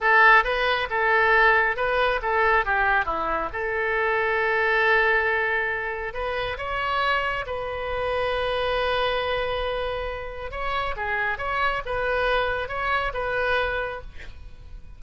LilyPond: \new Staff \with { instrumentName = "oboe" } { \time 4/4 \tempo 4 = 137 a'4 b'4 a'2 | b'4 a'4 g'4 e'4 | a'1~ | a'2 b'4 cis''4~ |
cis''4 b'2.~ | b'1 | cis''4 gis'4 cis''4 b'4~ | b'4 cis''4 b'2 | }